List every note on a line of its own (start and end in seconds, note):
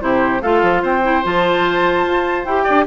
0.00 0.42 C3
0.00 0.41 E4
0.00 0.42 G4
0.00 0.42 C5
0.42 0.62 A3
0.42 1.03 F4
0.42 0.82 A4
0.42 0.83 F5
0.62 0.83 F3
0.82 1.24 C4
0.82 2.64 C5
0.82 1.26 G5
1.03 1.23 E4
1.23 2.06 F3
1.23 2.46 F4
1.23 2.45 A5
2.06 2.46 F4
2.45 2.66 E4
2.45 2.87 G4
2.45 2.86 G5
2.64 2.87 D4
2.64 2.84 D5